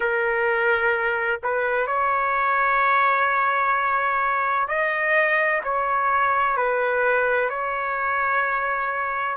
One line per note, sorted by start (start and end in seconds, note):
0.00 1.40 A#4
1.43 1.87 B4
1.87 4.67 C#5
4.67 5.61 D#5
5.64 6.56 C#5
6.56 7.49 B4
7.49 9.36 C#5